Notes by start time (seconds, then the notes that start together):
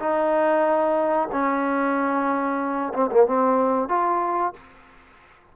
0.00 D#4
1.32 C#4
2.94 C4
3.12 A#3
3.27 C4
3.89 F4